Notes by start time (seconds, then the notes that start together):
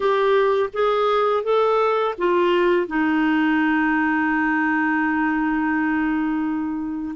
0.00 G4
0.73 G#4
1.43 A4
2.18 F4
2.87 D#4